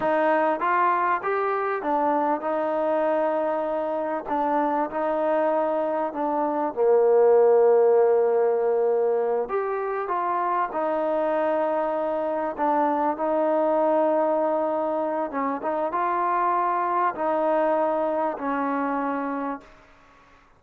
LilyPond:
\new Staff \with { instrumentName = "trombone" } { \time 4/4 \tempo 4 = 98 dis'4 f'4 g'4 d'4 | dis'2. d'4 | dis'2 d'4 ais4~ | ais2.~ ais8 g'8~ |
g'8 f'4 dis'2~ dis'8~ | dis'8 d'4 dis'2~ dis'8~ | dis'4 cis'8 dis'8 f'2 | dis'2 cis'2 | }